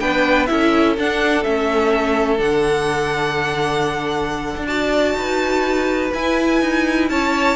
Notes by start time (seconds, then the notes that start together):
0.00 B3 D4 B4 G5
0.47 C#4 E4 A4 E5
0.98 D4 F#5
1.44 A3 C#4 E5
2.38 D3 D4 F#5
4.56 D4
4.67 F#4 D5 A5
5.14 D#4 B4
6.14 E4 G#5
6.62 D#4
7.09 C#4 C#5 A5